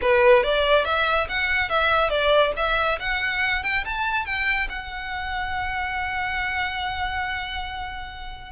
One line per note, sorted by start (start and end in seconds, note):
0.01 0.43 B4
0.43 0.84 D5
0.84 1.27 E5
1.29 1.69 F#5
1.69 2.09 E5
2.09 2.52 D5
2.56 2.98 E5
2.99 3.63 F#5
3.63 3.84 G5
3.84 4.25 A5
4.25 4.68 G5
4.69 8.51 F#5